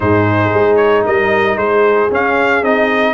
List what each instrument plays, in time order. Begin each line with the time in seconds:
0.00 tuba G#2, trombone D#4, horn G#4, trumpet C5
0.53 tuba G#3
0.76 trumpet C#5
1.05 tuba G3, horn A#4, trumpet D#5
1.56 tuba G#3, horn G#4, trumpet C5
2.11 tuba C#4, trombone C#4, trumpet F5
2.62 tuba C4, trombone D#4, trumpet D#5